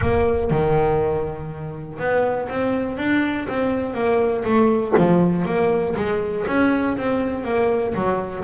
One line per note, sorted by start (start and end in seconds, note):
0.01 0.50 A#3
0.50 1.99 D#3
1.99 2.48 B3
2.49 2.97 C4
2.97 3.47 D4
3.48 3.94 C4
3.94 4.43 A#3
4.44 4.93 A3
4.97 5.45 F3
5.45 5.94 A#3
5.96 6.45 G#3
6.47 6.96 C#4
6.97 7.44 C4
7.44 7.93 A#3
7.94 8.43 F#3